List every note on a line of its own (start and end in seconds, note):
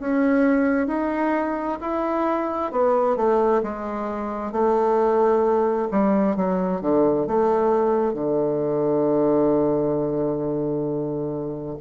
0.00 0.88 C#4
0.88 1.79 D#4
1.81 2.72 E4
2.72 3.17 B3
3.17 3.62 A3
3.63 4.52 G#3
4.52 5.89 A3
5.92 6.36 G3
6.36 6.82 F#3
6.82 7.27 D3
7.27 8.14 A3
8.14 11.78 D3